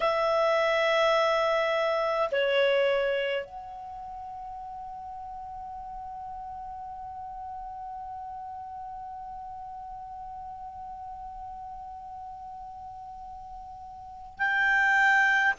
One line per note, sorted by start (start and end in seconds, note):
0.00 2.29 E5
2.31 3.45 C#5
3.45 14.38 F#5
14.38 15.53 G5